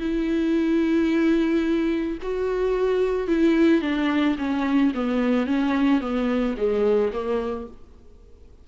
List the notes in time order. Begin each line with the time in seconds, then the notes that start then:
0.00 E4
2.22 F#4
3.28 E4
3.82 D4
4.38 C#4
4.95 B3
5.47 C#4
6.01 B3
6.58 G#3
7.13 A#3